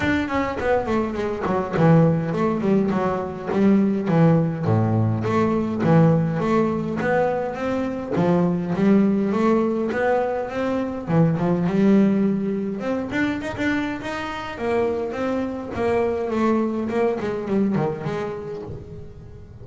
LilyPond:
\new Staff \with { instrumentName = "double bass" } { \time 4/4 \tempo 4 = 103 d'8 cis'8 b8 a8 gis8 fis8 e4 | a8 g8 fis4 g4 e4 | a,4 a4 e4 a4 | b4 c'4 f4 g4 |
a4 b4 c'4 e8 f8 | g2 c'8 d'8 dis'16 d'8. | dis'4 ais4 c'4 ais4 | a4 ais8 gis8 g8 dis8 gis4 | }